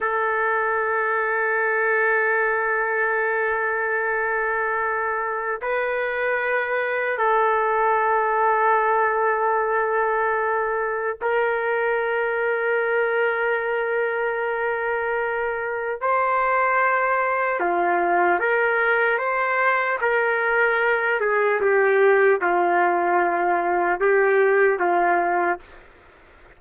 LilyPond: \new Staff \with { instrumentName = "trumpet" } { \time 4/4 \tempo 4 = 75 a'1~ | a'2. b'4~ | b'4 a'2.~ | a'2 ais'2~ |
ais'1 | c''2 f'4 ais'4 | c''4 ais'4. gis'8 g'4 | f'2 g'4 f'4 | }